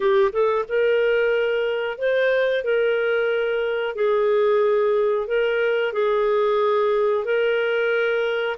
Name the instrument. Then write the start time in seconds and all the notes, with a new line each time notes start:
clarinet
0.00 G4
0.32 A4
0.68 A#4
1.98 C5
2.64 A#4
3.95 G#4
5.27 A#4
5.93 G#4
7.24 A#4